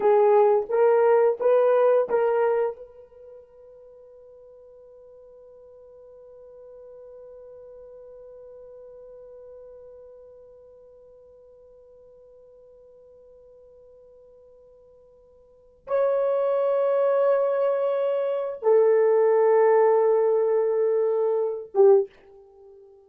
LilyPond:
\new Staff \with { instrumentName = "horn" } { \time 4/4 \tempo 4 = 87 gis'4 ais'4 b'4 ais'4 | b'1~ | b'1~ | b'1~ |
b'1~ | b'2. cis''4~ | cis''2. a'4~ | a'2.~ a'8 g'8 | }